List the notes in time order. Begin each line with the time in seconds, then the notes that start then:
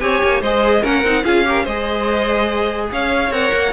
0.00 C4 G4 C#5 G#5
0.23 A#3
0.41 G#3 G#4 C5 D#5
0.81 A#3 C#4 A#4 F#5
1.03 C4 D#4
1.24 C#4 F4 G#4 F5
1.45 G4 A#4
1.63 G#3 G#4 C5 D#5
2.92 C#4 C#5 F5
3.30 C4 A#4 F#5
3.53 A#3